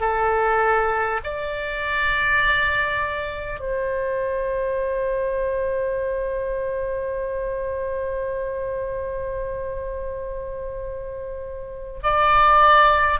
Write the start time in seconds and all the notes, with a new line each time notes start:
0.00 A4
1.23 D5
3.59 C5
12.03 D5